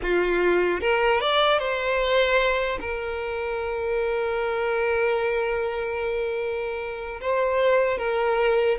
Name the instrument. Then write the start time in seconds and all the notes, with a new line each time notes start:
violin
0.02 F4
0.80 A#4
1.21 D5
1.58 C5
2.80 A#4
7.21 C5
7.97 A#4